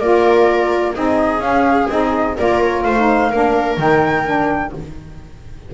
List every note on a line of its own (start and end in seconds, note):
0.00 0.96 A#3
0.00 0.95 F4
0.00 0.94 A#4
0.00 0.94 D5
0.95 1.40 C4
0.95 1.41 D#4
0.95 2.38 G#4
0.95 1.41 D#5
1.40 1.87 C#4
1.40 1.88 C#4
1.40 1.89 F5
1.90 2.38 C4
1.90 2.37 D#4
1.90 2.37 D#5
2.38 2.85 A#3
2.38 2.97 F4
2.38 2.85 A#4
2.38 2.61 D5
2.61 2.83 C#5
2.83 3.32 A3
2.83 3.31 C5
2.83 3.78 F5
2.97 3.33 D#4
3.31 3.78 A#3
3.31 3.79 D4
3.31 4.72 A#4
3.78 4.73 D#3
3.78 4.26 D#4
3.78 4.75 G5
4.26 4.73 D4